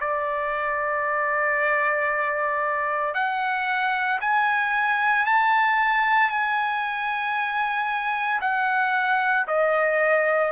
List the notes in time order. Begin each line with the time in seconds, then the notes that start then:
0.00 D5
3.14 F#5
4.20 G#5
5.25 A5
6.29 G#5
8.41 F#5
9.47 D#5